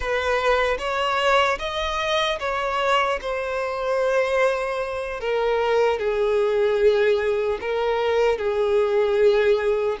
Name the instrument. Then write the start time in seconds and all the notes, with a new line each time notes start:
violin
0.00 B4
0.78 C#5
1.58 D#5
2.39 C#5
3.21 C5
5.20 A#4
5.99 G#4
7.60 A#4
8.37 G#4